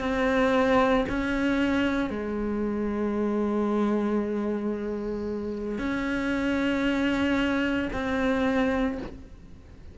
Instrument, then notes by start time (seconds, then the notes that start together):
cello
0.00 C4
1.09 C#4
2.10 G#3
5.78 C#4
7.92 C4